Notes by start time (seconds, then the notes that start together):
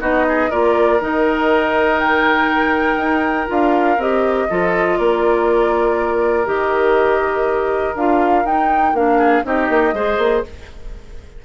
0.00 B3 D#4 F#4 D#5
0.29 G#4
0.50 A#3 F4 A#4 D5
1.01 D#3 D#4 D#5
1.99 G5
2.97 D#4
3.47 D4 F4 F5
3.98 C4 G4 D#5
4.50 F3 F4 A4
4.98 A#3 A#4 D5
6.45 D#3 G4 D#5
7.95 D4 F4 F5
8.44 D#4 G5
8.93 A#3 D4 F5
9.18 G#4
9.44 C4 D#4 G4 D#5
9.69 A#3
9.93 G#3 G#4 C5
10.18 A#3